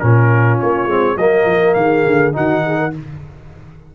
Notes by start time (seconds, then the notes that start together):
0.00 A#2 C#4 F4 A#4
0.60 A#3 C#5
0.86 G#3 C4
1.17 F#3 A#3 A#4 D#5
1.45 F3
1.74 D#3 G#4 F5
2.07 D3
2.33 D#3 D#4 F#4 F#5
2.66 G#4
2.79 A#4